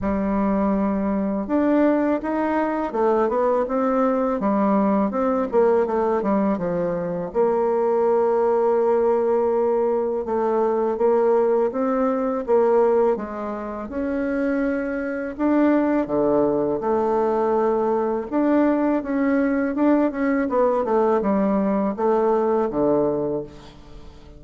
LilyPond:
\new Staff \with { instrumentName = "bassoon" } { \time 4/4 \tempo 4 = 82 g2 d'4 dis'4 | a8 b8 c'4 g4 c'8 ais8 | a8 g8 f4 ais2~ | ais2 a4 ais4 |
c'4 ais4 gis4 cis'4~ | cis'4 d'4 d4 a4~ | a4 d'4 cis'4 d'8 cis'8 | b8 a8 g4 a4 d4 | }